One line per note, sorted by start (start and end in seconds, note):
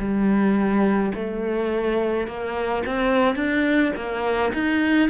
0.00 1.13 G3
1.15 2.27 A3
2.27 2.84 A#3
2.86 3.36 C4
3.36 3.93 D4
3.97 4.53 A#3
4.54 5.10 D#4